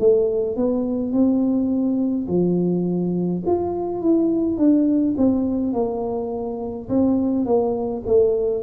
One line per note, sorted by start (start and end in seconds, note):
0.00 0.57 A3
0.57 1.13 B3
1.13 2.28 C4
2.28 3.44 F3
3.47 4.02 F4
4.02 4.58 E4
4.58 5.16 D4
5.18 5.74 C4
5.74 6.89 A#3
6.90 7.46 C4
7.46 8.03 A#3
8.07 8.64 A3